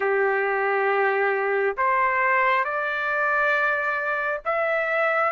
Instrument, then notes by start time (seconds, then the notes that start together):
trumpet
0.00 G4
1.77 C5
2.64 D5
4.45 E5